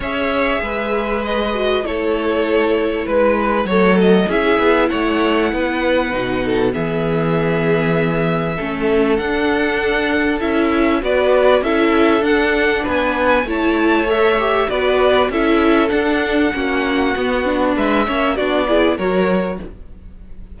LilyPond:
<<
  \new Staff \with { instrumentName = "violin" } { \time 4/4 \tempo 4 = 98 e''2 dis''4 cis''4~ | cis''4 b'4 cis''8 dis''8 e''4 | fis''2. e''4~ | e''2. fis''4~ |
fis''4 e''4 d''4 e''4 | fis''4 gis''4 a''4 e''4 | d''4 e''4 fis''2~ | fis''4 e''4 d''4 cis''4 | }
  \new Staff \with { instrumentName = "violin" } { \time 4/4 cis''4 b'2 a'4~ | a'4 b'4 a'4 gis'4 | cis''4 b'4. a'8 gis'4~ | gis'2 a'2~ |
a'2 b'4 a'4~ | a'4 b'4 cis''2 | b'4 a'2 fis'4~ | fis'4 b'8 cis''8 fis'8 gis'8 ais'4 | }
  \new Staff \with { instrumentName = "viola" } { \time 4/4 gis'2~ gis'8 fis'8 e'4~ | e'2 a4 e'4~ | e'2 dis'4 b4~ | b2 cis'4 d'4~ |
d'4 e'4 fis'4 e'4 | d'2 e'4 a'8 g'8 | fis'4 e'4 d'4 cis'4 | b8 d'4 cis'8 d'8 e'8 fis'4 | }
  \new Staff \with { instrumentName = "cello" } { \time 4/4 cis'4 gis2 a4~ | a4 gis4 fis4 cis'8 b8 | a4 b4 b,4 e4~ | e2 a4 d'4~ |
d'4 cis'4 b4 cis'4 | d'4 b4 a2 | b4 cis'4 d'4 ais4 | b4 gis8 ais8 b4 fis4 | }
>>